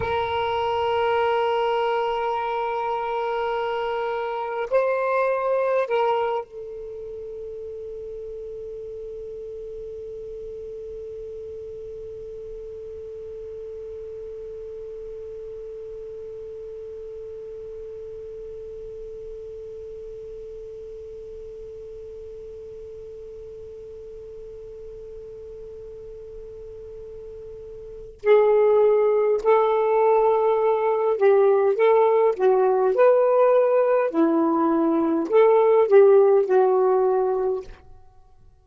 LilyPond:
\new Staff \with { instrumentName = "saxophone" } { \time 4/4 \tempo 4 = 51 ais'1 | c''4 ais'8 a'2~ a'8~ | a'1~ | a'1~ |
a'1~ | a'1 | gis'4 a'4. g'8 a'8 fis'8 | b'4 e'4 a'8 g'8 fis'4 | }